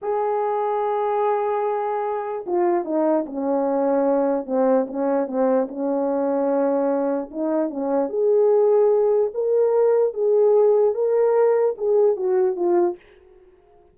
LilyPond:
\new Staff \with { instrumentName = "horn" } { \time 4/4 \tempo 4 = 148 gis'1~ | gis'2 f'4 dis'4 | cis'2. c'4 | cis'4 c'4 cis'2~ |
cis'2 dis'4 cis'4 | gis'2. ais'4~ | ais'4 gis'2 ais'4~ | ais'4 gis'4 fis'4 f'4 | }